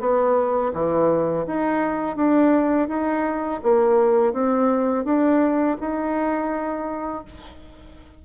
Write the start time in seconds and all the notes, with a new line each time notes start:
0.00 B3
0.74 E3
1.47 D#4
2.17 D4
2.88 D#4
3.63 A#3
4.33 C4
5.05 D4
5.80 D#4